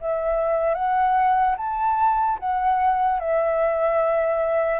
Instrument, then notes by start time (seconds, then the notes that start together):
flute
0.00 E5
0.74 F#5
1.57 A5
2.39 F#5
3.20 E5